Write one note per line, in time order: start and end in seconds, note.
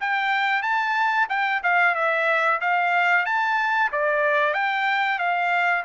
0.00 0.62 G5
0.62 1.27 A5
1.29 1.62 G5
1.63 1.95 F5
1.95 2.60 E5
2.61 3.25 F5
3.25 3.90 A5
3.92 4.53 D5
4.53 5.18 G5
5.18 5.84 F5